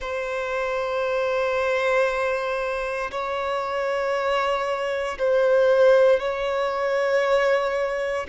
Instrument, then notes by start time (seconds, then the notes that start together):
violin
0.00 C5
3.11 C#5
5.18 C5
6.19 C#5